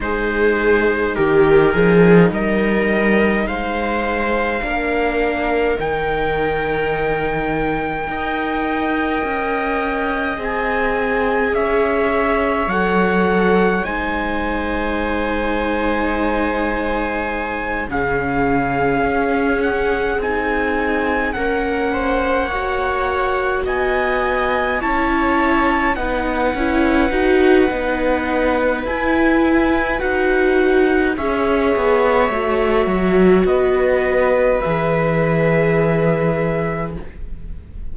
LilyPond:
<<
  \new Staff \with { instrumentName = "trumpet" } { \time 4/4 \tempo 4 = 52 c''4 ais'4 dis''4 f''4~ | f''4 g''2.~ | g''4 gis''4 e''4 fis''4 | gis''2.~ gis''8 f''8~ |
f''4 fis''8 gis''4 fis''4.~ | fis''8 gis''4 a''4 fis''4.~ | fis''4 gis''4 fis''4 e''4~ | e''4 dis''4 e''2 | }
  \new Staff \with { instrumentName = "viola" } { \time 4/4 gis'4 g'8 gis'8 ais'4 c''4 | ais'2. dis''4~ | dis''2 cis''2 | c''2.~ c''8 gis'8~ |
gis'2~ gis'8 ais'8 c''8 cis''8~ | cis''8 dis''4 cis''4 b'4.~ | b'2. cis''4~ | cis''4 b'2. | }
  \new Staff \with { instrumentName = "viola" } { \time 4/4 dis'1 | d'4 dis'2 ais'4~ | ais'4 gis'2 a'4 | dis'2.~ dis'8 cis'8~ |
cis'4. dis'4 cis'4 fis'8~ | fis'4. e'4 dis'8 e'8 fis'8 | dis'4 e'4 fis'4 gis'4 | fis'2 gis'2 | }
  \new Staff \with { instrumentName = "cello" } { \time 4/4 gis4 dis8 f8 g4 gis4 | ais4 dis2 dis'4 | cis'4 c'4 cis'4 fis4 | gis2.~ gis8 cis8~ |
cis8 cis'4 c'4 ais4.~ | ais8 b4 cis'4 b8 cis'8 dis'8 | b4 e'4 dis'4 cis'8 b8 | a8 fis8 b4 e2 | }
>>